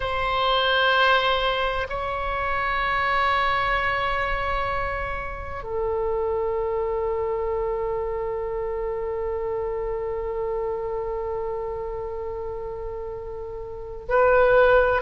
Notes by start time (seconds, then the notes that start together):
0.00 C5
1.89 C#5
5.62 A4
14.08 B4